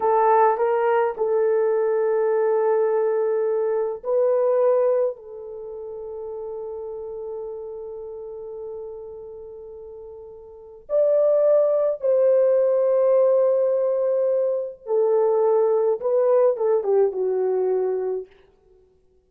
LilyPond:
\new Staff \with { instrumentName = "horn" } { \time 4/4 \tempo 4 = 105 a'4 ais'4 a'2~ | a'2. b'4~ | b'4 a'2.~ | a'1~ |
a'2. d''4~ | d''4 c''2.~ | c''2 a'2 | b'4 a'8 g'8 fis'2 | }